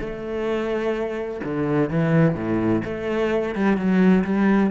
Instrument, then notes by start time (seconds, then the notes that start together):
cello
0.00 A3
1.44 D3
1.90 E3
2.35 A2
2.84 A3
3.55 G3
3.77 F#3
4.24 G3